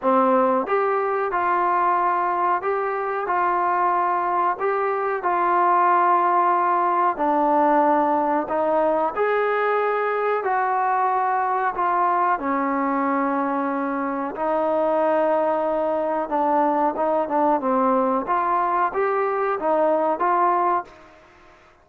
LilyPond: \new Staff \with { instrumentName = "trombone" } { \time 4/4 \tempo 4 = 92 c'4 g'4 f'2 | g'4 f'2 g'4 | f'2. d'4~ | d'4 dis'4 gis'2 |
fis'2 f'4 cis'4~ | cis'2 dis'2~ | dis'4 d'4 dis'8 d'8 c'4 | f'4 g'4 dis'4 f'4 | }